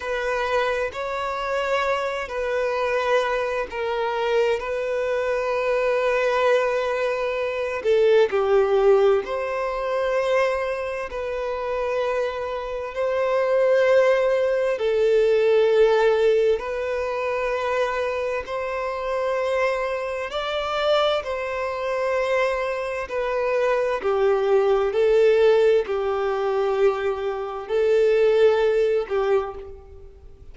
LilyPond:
\new Staff \with { instrumentName = "violin" } { \time 4/4 \tempo 4 = 65 b'4 cis''4. b'4. | ais'4 b'2.~ | b'8 a'8 g'4 c''2 | b'2 c''2 |
a'2 b'2 | c''2 d''4 c''4~ | c''4 b'4 g'4 a'4 | g'2 a'4. g'8 | }